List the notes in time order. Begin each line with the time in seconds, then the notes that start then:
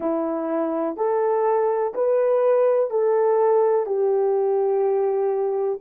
0.00 E4
0.96 A4
1.94 B4
2.90 A4
3.85 G4